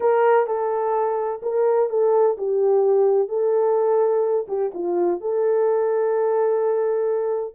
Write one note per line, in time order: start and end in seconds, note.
0.00 0.46 A#4
0.46 1.41 A4
1.42 1.89 A#4
1.89 2.36 A4
2.37 3.28 G4
3.28 4.46 A4
4.48 4.71 G4
4.74 5.20 F4
5.20 7.54 A4